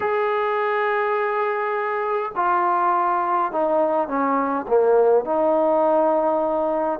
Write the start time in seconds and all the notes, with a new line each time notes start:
0.00 G#4
2.35 F4
3.51 D#4
4.08 C#4
4.68 A#3
5.24 D#4